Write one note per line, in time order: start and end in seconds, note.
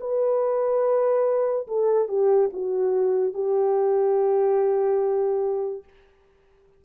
0.00 1.67 B4
1.67 2.08 A4
2.08 2.50 G4
2.52 3.34 F#4
3.34 5.84 G4